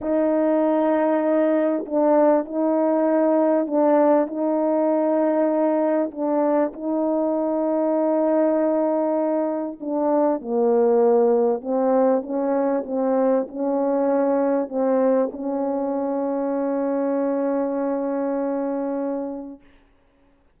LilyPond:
\new Staff \with { instrumentName = "horn" } { \time 4/4 \tempo 4 = 98 dis'2. d'4 | dis'2 d'4 dis'4~ | dis'2 d'4 dis'4~ | dis'1 |
d'4 ais2 c'4 | cis'4 c'4 cis'2 | c'4 cis'2.~ | cis'1 | }